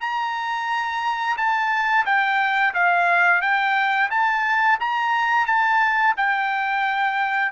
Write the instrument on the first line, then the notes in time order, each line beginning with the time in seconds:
trumpet
0.00 A#5
1.37 A5
2.05 G5
2.73 F5
3.41 G5
4.10 A5
4.80 A#5
5.46 A5
6.17 G5